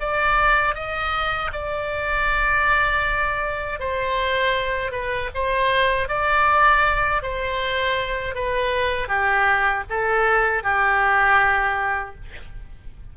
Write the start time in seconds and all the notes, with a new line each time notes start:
0.00 D5
0.75 D#5
1.53 D5
3.79 C5
4.92 B4
5.35 C5
6.08 D5
7.23 C5
8.35 B4
9.08 G4
9.90 A4
10.63 G4